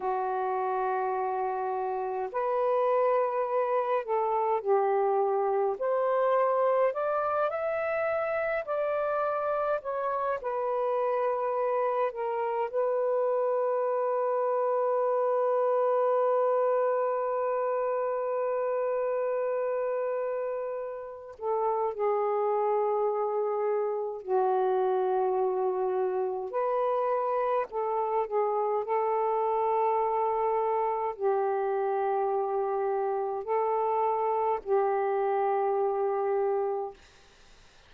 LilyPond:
\new Staff \with { instrumentName = "saxophone" } { \time 4/4 \tempo 4 = 52 fis'2 b'4. a'8 | g'4 c''4 d''8 e''4 d''8~ | d''8 cis''8 b'4. ais'8 b'4~ | b'1~ |
b'2~ b'8 a'8 gis'4~ | gis'4 fis'2 b'4 | a'8 gis'8 a'2 g'4~ | g'4 a'4 g'2 | }